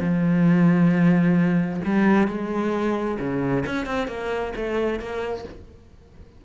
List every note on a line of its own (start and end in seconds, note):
0.00 1.80 F3
1.85 2.28 G3
2.28 3.18 G#3
3.19 3.64 C#3
3.66 3.86 C#4
3.86 4.08 C4
4.08 4.53 A#3
4.56 5.00 A3
5.00 5.45 A#3